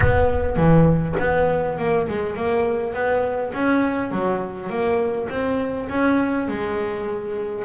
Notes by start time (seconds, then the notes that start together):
0.00 B3
0.56 E3
1.19 B3
1.78 A#3
2.08 G#3
2.35 A#3
2.93 B3
3.53 C#4
4.11 F#3
4.69 A#3
5.29 C4
5.89 C#4
6.48 G#3